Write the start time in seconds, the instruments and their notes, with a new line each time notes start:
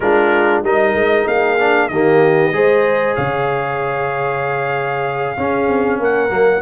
0.00 tuba G#3, trombone D4, horn F4, trumpet A#4
0.62 tuba G3, trombone D#4, horn A#4, trumpet D#5
0.93 tuba G#3
1.26 tuba A#3, horn G#4, trumpet F5
1.59 trombone D4
1.88 tuba D#3, trombone A#3, horn G4, trumpet D#5
2.52 tuba G#3, trombone G#4, horn C5
3.15 tuba C#3, horn C#5, trumpet F5
5.37 tuba C#4, trombone C#4, horn G#4
5.68 tuba C4
5.99 tuba A#3, horn A#4, trumpet F#5
6.29 tuba F#3, trombone A#3